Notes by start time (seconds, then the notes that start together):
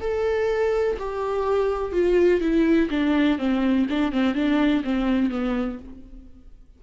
0.00 A4
0.99 G4
1.92 F4
2.41 E4
2.90 D4
3.38 C4
3.90 D4
4.12 C4
4.35 D4
4.84 C4
5.30 B3